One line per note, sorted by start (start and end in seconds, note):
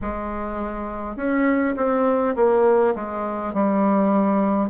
0.01 1.16 G#3
1.16 1.75 C#4
1.76 2.35 C4
2.35 2.94 A#3
2.95 3.53 G#3
3.53 4.69 G3